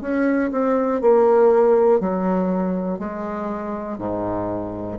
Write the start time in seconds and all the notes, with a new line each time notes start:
0.00 C#4
0.51 C4
1.00 A#3
2.00 F#3
2.99 G#3
3.98 G#2